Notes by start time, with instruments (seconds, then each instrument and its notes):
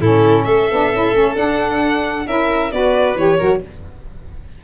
0.00 tuba A2, saxophone C#4, violin E4 A4
0.44 tuba A3, violin A4 E5
0.70 tuba B3, saxophone D4
0.92 tuba C#4, saxophone E4
1.12 tuba A3, saxophone C#4
1.35 saxophone D4, tuba D4, violin F#5
2.26 tuba C#4, saxophone E4, violin A#4 E5
2.71 tuba B3, saxophone F#4, violin B4 D5
3.15 tuba E3, saxophone G4, violin C#5
3.37 tuba F#3, saxophone F#4, violin A#4